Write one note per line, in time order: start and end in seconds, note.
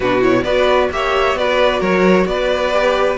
0.00 0.43 B2
0.00 0.21 D4
0.00 0.42 F#4
0.00 0.23 B4
0.21 0.44 E4
0.21 0.44 C#5
0.43 0.89 B3
0.43 0.92 F#4
0.43 0.89 B4
0.43 0.89 D5
0.91 1.35 A#3
0.91 1.36 G4
0.91 1.38 C#5
0.91 1.37 E5
1.35 1.80 B3
1.35 2.72 F#4
1.35 1.80 B4
1.35 1.81 D5
1.80 2.25 F#3
1.80 2.25 A#4
1.80 2.26 C#5
2.25 3.16 B3
2.25 3.17 B4
2.25 3.17 D5
2.72 3.17 G4